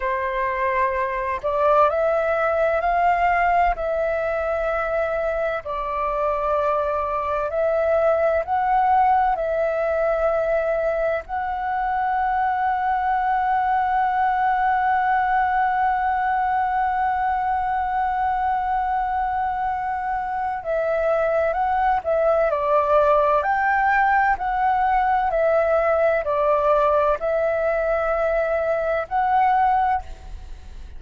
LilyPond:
\new Staff \with { instrumentName = "flute" } { \time 4/4 \tempo 4 = 64 c''4. d''8 e''4 f''4 | e''2 d''2 | e''4 fis''4 e''2 | fis''1~ |
fis''1~ | fis''2 e''4 fis''8 e''8 | d''4 g''4 fis''4 e''4 | d''4 e''2 fis''4 | }